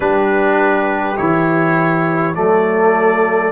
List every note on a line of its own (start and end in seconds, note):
0.00 1.17 G3
0.00 1.16 D4
0.00 2.36 G4
0.00 1.16 B4
1.16 2.36 E3
1.16 2.34 E4
1.16 2.34 C#5
2.34 3.51 F#3
2.34 3.51 A3
2.34 3.51 A4
2.34 3.51 D5